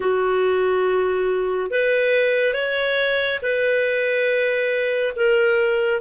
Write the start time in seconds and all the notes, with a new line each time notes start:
0.00 F#4
1.70 B4
2.53 C#5
3.42 B4
5.15 A#4